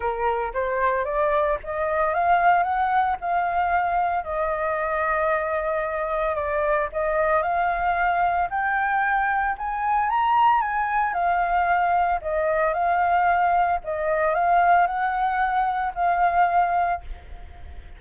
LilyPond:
\new Staff \with { instrumentName = "flute" } { \time 4/4 \tempo 4 = 113 ais'4 c''4 d''4 dis''4 | f''4 fis''4 f''2 | dis''1 | d''4 dis''4 f''2 |
g''2 gis''4 ais''4 | gis''4 f''2 dis''4 | f''2 dis''4 f''4 | fis''2 f''2 | }